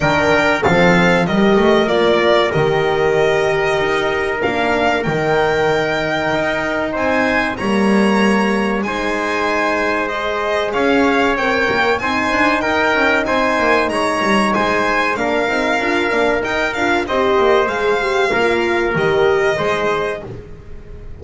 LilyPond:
<<
  \new Staff \with { instrumentName = "violin" } { \time 4/4 \tempo 4 = 95 g''4 f''4 dis''4 d''4 | dis''2. f''4 | g''2. gis''4 | ais''2 gis''2 |
dis''4 f''4 g''4 gis''4 | g''4 gis''4 ais''4 gis''4 | f''2 g''8 f''8 dis''4 | f''2 dis''2 | }
  \new Staff \with { instrumentName = "trumpet" } { \time 4/4 ais'4 a'4 ais'2~ | ais'1~ | ais'2. c''4 | cis''2 c''2~ |
c''4 cis''2 c''4 | ais'4 c''4 cis''4 c''4 | ais'2. c''4~ | c''4 ais'2 c''4 | }
  \new Staff \with { instrumentName = "horn" } { \time 4/4 d'4 c'4 g'4 f'4 | g'2. d'4 | dis'1 | ais2 dis'2 |
gis'2 ais'4 dis'4~ | dis'1 | d'8 dis'8 f'8 d'8 dis'8 f'8 g'4 | gis'8 g'8 f'4 g'4 gis'4 | }
  \new Staff \with { instrumentName = "double bass" } { \time 4/4 dis4 f4 g8 a8 ais4 | dis2 dis'4 ais4 | dis2 dis'4 c'4 | g2 gis2~ |
gis4 cis'4 c'8 ais8 c'8 d'8 | dis'8 cis'8 c'8 ais8 gis8 g8 gis4 | ais8 c'8 d'8 ais8 dis'8 d'8 c'8 ais8 | gis4 ais4 dis4 gis4 | }
>>